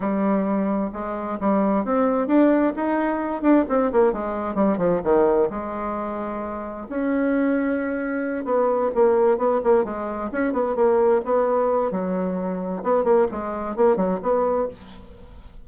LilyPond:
\new Staff \with { instrumentName = "bassoon" } { \time 4/4 \tempo 4 = 131 g2 gis4 g4 | c'4 d'4 dis'4. d'8 | c'8 ais8 gis4 g8 f8 dis4 | gis2. cis'4~ |
cis'2~ cis'8 b4 ais8~ | ais8 b8 ais8 gis4 cis'8 b8 ais8~ | ais8 b4. fis2 | b8 ais8 gis4 ais8 fis8 b4 | }